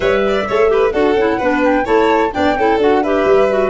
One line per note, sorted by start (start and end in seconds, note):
0.00 0.44 G3
0.00 0.45 B4
0.00 0.22 C#5
0.00 0.91 E5
0.27 0.47 D5
0.47 0.93 A3
0.47 0.67 A4
0.47 0.71 C#5
0.67 0.91 G4
0.67 0.92 B4
0.91 1.15 D4
0.91 1.15 F#4
0.91 1.37 A4
0.91 1.61 F#5
1.15 1.38 C#4
1.15 1.41 E4
1.37 1.86 B3
1.37 1.84 D4
1.37 1.84 B4
1.64 1.85 G5
1.84 2.33 A3
1.84 2.30 E4
1.84 2.31 C#5
1.84 2.32 A5
2.32 2.55 B3
2.32 2.55 D4
2.32 2.57 D5
2.32 2.79 G5
2.55 2.77 C#4
2.55 2.80 E4
2.55 3.02 A4
2.77 3.24 D4
2.77 3.03 F#4
2.77 3.03 F#5
3.02 3.49 G4
3.02 3.69 B4
3.02 3.69 E5
3.24 3.69 G3
3.49 3.69 F#4